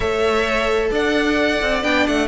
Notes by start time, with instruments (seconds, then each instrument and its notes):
0.00 cello A3, viola A4, violin C#5 E5
0.90 cello D4, violin D5 F#5
1.61 cello C4
1.83 cello B3, viola D4, violin G5
2.07 cello A3, violin F#5